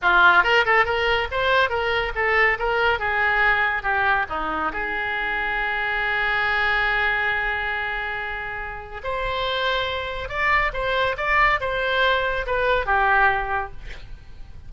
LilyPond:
\new Staff \with { instrumentName = "oboe" } { \time 4/4 \tempo 4 = 140 f'4 ais'8 a'8 ais'4 c''4 | ais'4 a'4 ais'4 gis'4~ | gis'4 g'4 dis'4 gis'4~ | gis'1~ |
gis'1~ | gis'4 c''2. | d''4 c''4 d''4 c''4~ | c''4 b'4 g'2 | }